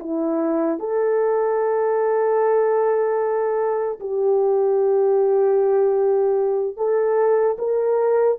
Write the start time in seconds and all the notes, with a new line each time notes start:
0.00 E4
0.80 A4
4.00 G4
6.77 A4
7.59 A#4